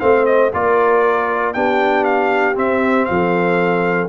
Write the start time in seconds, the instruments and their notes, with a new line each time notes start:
0.00 tuba A3, trombone C4, horn C5, trumpet F5
0.26 trumpet D#5
0.53 tuba A#3, trombone F4, horn A#4, trumpet D5
1.54 tuba B3, trombone D4, horn G4, trumpet G5
2.04 trumpet F5
2.54 trombone C4, tuba C4, trumpet E5
3.05 tuba F3, horn A4, trumpet F5